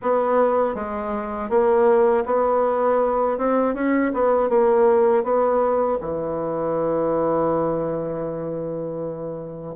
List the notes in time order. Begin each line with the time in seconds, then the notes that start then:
0.01 B3
0.75 G#3
1.49 A#3
2.25 B3
3.38 C4
3.74 C#4
4.13 B3
4.49 A#3
5.23 B3
6.00 E3